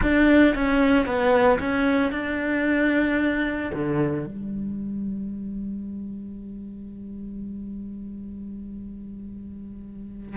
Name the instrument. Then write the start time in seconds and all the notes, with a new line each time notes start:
cello
0.02 D4
0.54 C#4
1.06 B3
1.59 C#4
2.11 D4
3.73 D3
4.26 G3